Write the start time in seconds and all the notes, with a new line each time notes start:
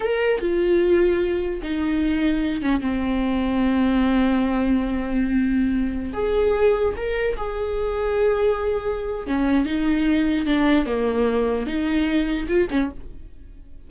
0.00 A#4
0.40 F4
1.62 D#4
2.62 C#4
2.81 C4
6.13 G#4
6.96 A#4
7.37 G#4
9.26 C#4
9.65 D#4
10.46 D4
10.85 A#3
11.66 D#4
12.48 F4
12.70 C#4